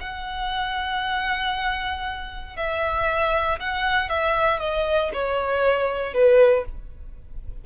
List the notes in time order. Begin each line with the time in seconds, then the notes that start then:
0.00 F#5
2.57 E5
3.60 F#5
4.09 E5
4.60 D#5
5.13 C#5
6.14 B4